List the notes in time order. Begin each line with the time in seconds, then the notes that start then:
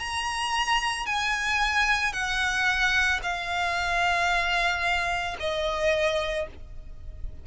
0.00 A#5
1.06 G#5
2.13 F#5
3.23 F5
5.40 D#5